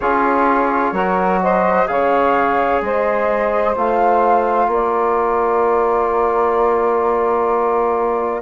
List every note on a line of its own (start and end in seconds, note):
0.00 0.92 C#4
0.00 0.95 F4
0.00 0.93 G#4
0.00 1.40 C#5
0.92 1.86 F#3
0.92 1.87 F#4
0.92 1.40 A#4
1.42 1.89 C5
1.42 1.87 D#5
1.87 2.81 C#3
1.87 3.74 G#4
1.87 2.84 C#5
1.87 2.81 F5
2.81 3.75 G#3
2.81 4.68 C5
2.81 3.75 D#5
3.74 4.67 A3
3.74 8.41 F4
3.74 4.71 F5
4.67 8.41 A#3
4.67 8.41 A#4
4.67 8.41 D5